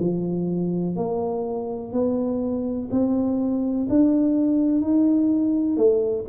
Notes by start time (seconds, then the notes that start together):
0.00 F3
0.96 A#3
1.92 B3
2.91 C4
3.90 D4
4.81 D#4
5.77 A3